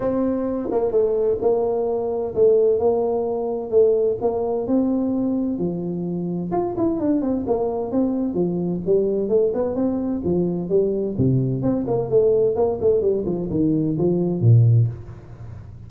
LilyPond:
\new Staff \with { instrumentName = "tuba" } { \time 4/4 \tempo 4 = 129 c'4. ais8 a4 ais4~ | ais4 a4 ais2 | a4 ais4 c'2 | f2 f'8 e'8 d'8 c'8 |
ais4 c'4 f4 g4 | a8 b8 c'4 f4 g4 | c4 c'8 ais8 a4 ais8 a8 | g8 f8 dis4 f4 ais,4 | }